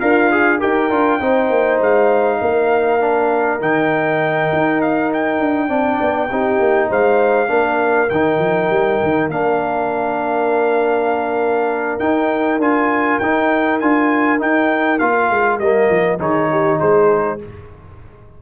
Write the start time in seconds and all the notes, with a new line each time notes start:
0.00 D4 F4 A#4 F5
0.32 G#4
0.60 D#4 G4 A#4 G5
0.91 D4 F4
1.21 C4 D#4 C5
1.50 A#3
1.81 G#3 F5
2.42 A#3 A#4
3.00 D4
3.61 D#3 D#4 G5
4.53 D#4
4.82 F5
5.14 G5
5.40 D4
5.69 C4 D4 D5
6.01 B3
6.32 C4 D#4 G4
6.60 A#3
6.89 G#3 C5 F5
7.48 A#3 D4 A#4
8.10 D#3 D#4 G5
8.39 F3
8.70 G3
9.03 D#3
9.29 A#3 D4 F5
12.00 D#4 G5
12.59 D4 F4 G#5
13.20 D#4 G5
13.80 D4 F4 G#5
14.39 D#4 G5
14.99 A#3 F4 F5
15.30 G#3
15.59 G3 A#3 D#5
15.90 F3
16.19 D#3 D#4 G#4 C#5
16.52 G4
16.80 G#3 G#4 C5